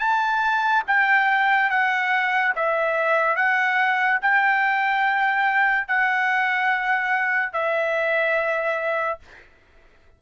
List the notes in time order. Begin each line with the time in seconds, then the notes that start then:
0.00 A5
0.88 G5
1.70 F#5
2.56 E5
3.36 F#5
4.22 G5
5.88 F#5
7.53 E5